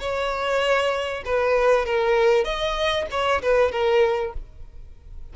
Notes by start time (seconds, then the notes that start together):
0.00 C#5
1.25 B4
1.86 A#4
2.44 D#5
3.11 C#5
3.42 B4
3.72 A#4